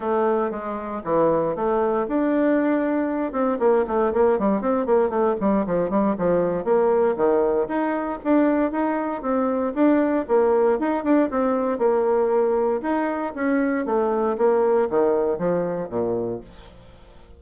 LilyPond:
\new Staff \with { instrumentName = "bassoon" } { \time 4/4 \tempo 4 = 117 a4 gis4 e4 a4 | d'2~ d'8 c'8 ais8 a8 | ais8 g8 c'8 ais8 a8 g8 f8 g8 | f4 ais4 dis4 dis'4 |
d'4 dis'4 c'4 d'4 | ais4 dis'8 d'8 c'4 ais4~ | ais4 dis'4 cis'4 a4 | ais4 dis4 f4 ais,4 | }